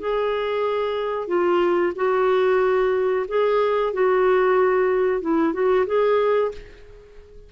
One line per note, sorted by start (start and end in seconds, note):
0.00 1.28 G#4
1.28 1.93 F4
1.96 3.26 F#4
3.29 3.94 G#4
3.94 5.22 F#4
5.22 5.54 E4
5.54 5.86 F#4
5.87 6.52 G#4